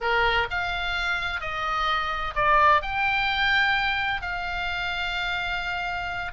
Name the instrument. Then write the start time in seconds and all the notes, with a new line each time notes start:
oboe
0.00 A#4
0.50 F5
1.40 D#5
2.35 D5
2.81 G5
4.21 F5